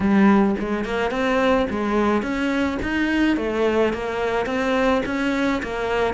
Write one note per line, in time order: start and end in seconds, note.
0.00 0.55 G3
0.59 0.85 G#3
0.85 1.10 A#3
1.10 1.66 C4
1.70 2.22 G#3
2.22 2.78 C#4
2.82 3.36 D#4
3.36 3.93 A3
3.93 4.46 A#3
4.46 5.02 C4
5.05 5.62 C#4
5.62 6.14 A#3